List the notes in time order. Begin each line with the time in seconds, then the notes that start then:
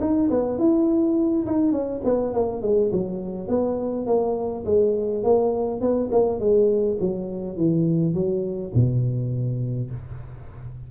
0.00 D#4
0.30 B3
0.58 E4
1.46 D#4
1.72 C#4
2.04 B3
2.33 A#3
2.62 G#3
2.92 F#3
3.48 B3
4.06 A#3
4.65 G#3
5.23 A#3
5.80 B3
6.11 A#3
6.39 G#3
7.00 F#3
7.56 E3
8.14 F#3
8.74 B2